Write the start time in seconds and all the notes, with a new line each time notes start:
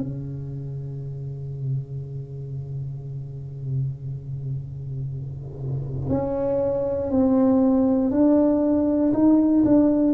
0.00 C#3
6.10 C#4
7.11 C4
8.11 D4
9.13 D#4
9.65 D4